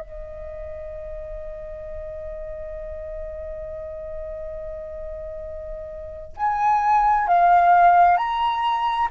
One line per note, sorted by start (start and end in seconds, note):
0.00 6.36 D#5
6.37 7.28 G#5
7.28 8.17 F5
8.17 9.08 A#5